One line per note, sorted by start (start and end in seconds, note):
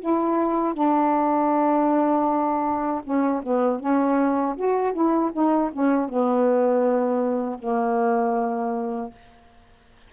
0.00 0.74 E4
0.74 3.02 D4
3.04 3.42 C#4
3.43 3.80 B3
3.80 4.56 C#4
4.56 4.93 F#4
4.93 5.31 E4
5.33 5.71 D#4
5.73 6.09 C#4
6.09 7.59 B3
7.59 9.11 A#3